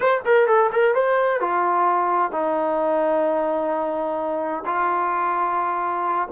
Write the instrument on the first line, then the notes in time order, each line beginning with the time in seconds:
trombone
0.00 C5
0.25 A#4
0.47 A4
0.72 A#4
0.95 C5
1.40 F4
2.31 D#4
4.65 F4